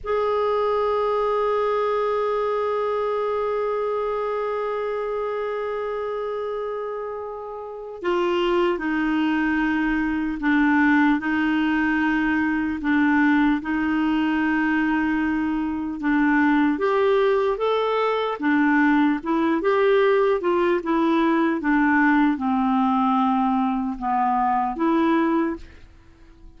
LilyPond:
\new Staff \with { instrumentName = "clarinet" } { \time 4/4 \tempo 4 = 75 gis'1~ | gis'1~ | gis'2 f'4 dis'4~ | dis'4 d'4 dis'2 |
d'4 dis'2. | d'4 g'4 a'4 d'4 | e'8 g'4 f'8 e'4 d'4 | c'2 b4 e'4 | }